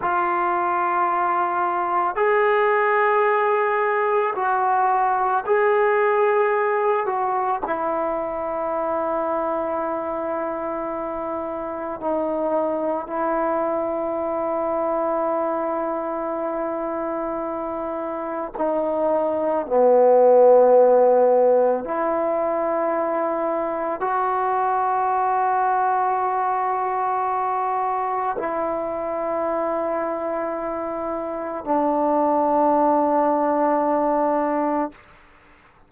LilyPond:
\new Staff \with { instrumentName = "trombone" } { \time 4/4 \tempo 4 = 55 f'2 gis'2 | fis'4 gis'4. fis'8 e'4~ | e'2. dis'4 | e'1~ |
e'4 dis'4 b2 | e'2 fis'2~ | fis'2 e'2~ | e'4 d'2. | }